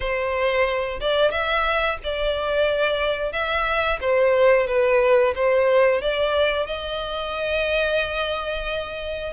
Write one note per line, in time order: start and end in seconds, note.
0.00 1.00 C5
1.00 1.31 D5
1.31 1.97 E5
2.03 3.32 D5
3.32 3.99 E5
4.00 4.67 C5
4.67 5.34 B4
5.35 6.01 C5
6.01 6.66 D5
6.66 9.33 D#5